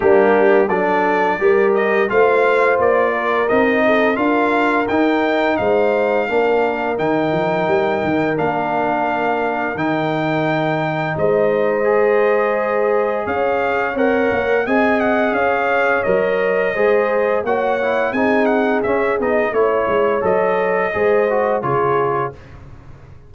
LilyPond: <<
  \new Staff \with { instrumentName = "trumpet" } { \time 4/4 \tempo 4 = 86 g'4 d''4. dis''8 f''4 | d''4 dis''4 f''4 g''4 | f''2 g''2 | f''2 g''2 |
dis''2. f''4 | fis''4 gis''8 fis''8 f''4 dis''4~ | dis''4 fis''4 gis''8 fis''8 e''8 dis''8 | cis''4 dis''2 cis''4 | }
  \new Staff \with { instrumentName = "horn" } { \time 4/4 d'4 a'4 ais'4 c''4~ | c''8 ais'4 a'8 ais'2 | c''4 ais'2.~ | ais'1 |
c''2. cis''4~ | cis''4 dis''4 cis''2 | c''4 cis''4 gis'2 | cis''2 c''4 gis'4 | }
  \new Staff \with { instrumentName = "trombone" } { \time 4/4 ais4 d'4 g'4 f'4~ | f'4 dis'4 f'4 dis'4~ | dis'4 d'4 dis'2 | d'2 dis'2~ |
dis'4 gis'2. | ais'4 gis'2 ais'4 | gis'4 fis'8 e'8 dis'4 cis'8 dis'8 | e'4 a'4 gis'8 fis'8 f'4 | }
  \new Staff \with { instrumentName = "tuba" } { \time 4/4 g4 fis4 g4 a4 | ais4 c'4 d'4 dis'4 | gis4 ais4 dis8 f8 g8 dis8 | ais2 dis2 |
gis2. cis'4 | c'8 ais8 c'4 cis'4 fis4 | gis4 ais4 c'4 cis'8 b8 | a8 gis8 fis4 gis4 cis4 | }
>>